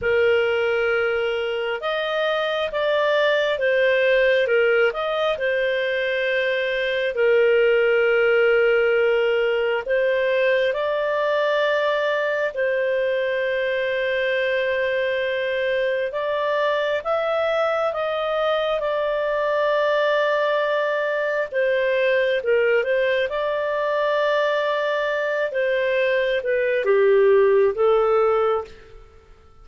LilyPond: \new Staff \with { instrumentName = "clarinet" } { \time 4/4 \tempo 4 = 67 ais'2 dis''4 d''4 | c''4 ais'8 dis''8 c''2 | ais'2. c''4 | d''2 c''2~ |
c''2 d''4 e''4 | dis''4 d''2. | c''4 ais'8 c''8 d''2~ | d''8 c''4 b'8 g'4 a'4 | }